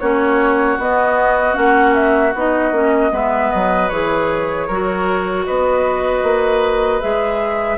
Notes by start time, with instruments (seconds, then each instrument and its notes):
0.00 bassoon A#3, clarinet C#4, oboe F#4, flute C#5
0.78 bassoon B3, clarinet B3, flute D#5
1.54 bassoon A#3, clarinet C#4, flute F#5
1.95 flute E5
2.35 bassoon B3, clarinet D#4, flute D#5
2.72 bassoon A#3, clarinet C#4
3.11 bassoon G#3, clarinet B3, oboe B4, flute E5
3.51 bassoon F#3, flute D#5
3.90 bassoon E3, clarinet G#4, flute C#5
4.67 bassoon F#3, clarinet F#4, oboe A#4
5.46 bassoon B3, oboe B4, flute D#5
6.24 bassoon A#3
7.02 bassoon G#3, clarinet G#4, flute E5